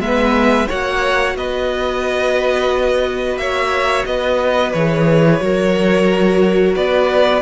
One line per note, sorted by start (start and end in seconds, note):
0.00 0.67 G#3
0.00 0.68 B3
0.00 0.68 B4
0.00 0.69 E5
0.68 1.36 A#3
0.68 4.75 F#4
0.68 1.35 C#5
0.68 1.37 F#5
1.36 3.37 B3
1.36 3.40 B4
1.36 3.38 D#5
3.37 4.04 A#3
3.37 4.08 C#5
3.37 4.06 E5
4.06 4.74 B3
4.06 5.43 B4
4.06 4.73 D#5
4.73 5.41 E3
4.73 5.41 G#4
4.73 6.75 C#5
5.41 6.76 F#3
5.41 7.43 F#4
5.41 6.77 A#4
6.76 7.43 B3
6.76 7.43 B4
6.76 7.43 D5